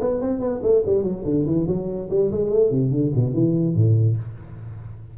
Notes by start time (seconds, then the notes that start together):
0.00 B3
0.21 C4
0.40 B3
0.63 A3
0.86 G3
1.03 F#3
1.24 D3
1.46 E3
1.67 F#3
2.10 G3
2.31 G#3
2.50 A3
2.71 C3
2.91 D3
3.15 B2
3.33 E3
3.75 A2